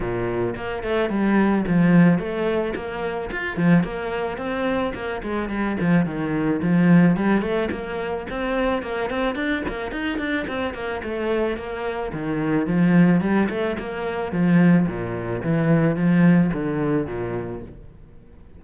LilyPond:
\new Staff \with { instrumentName = "cello" } { \time 4/4 \tempo 4 = 109 ais,4 ais8 a8 g4 f4 | a4 ais4 f'8 f8 ais4 | c'4 ais8 gis8 g8 f8 dis4 | f4 g8 a8 ais4 c'4 |
ais8 c'8 d'8 ais8 dis'8 d'8 c'8 ais8 | a4 ais4 dis4 f4 | g8 a8 ais4 f4 ais,4 | e4 f4 d4 ais,4 | }